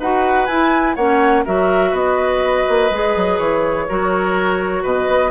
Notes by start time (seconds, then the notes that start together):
0.00 D#4 F#4 B4 F#5
0.46 E4 G#5
0.96 A#3 C#4 C#5 F#5
1.45 F#3 F#4 A#4 E5
1.91 B3 B4 D#5
2.69 A#3
2.91 G#3 G#4
3.16 F#3
3.39 E3 C#5
3.89 F#3 F#4 A#4
4.83 B2 B4 D#5
5.07 B3